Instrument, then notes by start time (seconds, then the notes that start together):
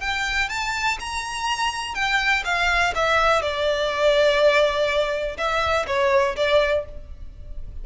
violin
0.00 G5
0.49 A5
1.00 A#5
1.94 G5
2.44 F5
2.95 E5
3.42 D5
5.37 E5
5.87 C#5
6.36 D5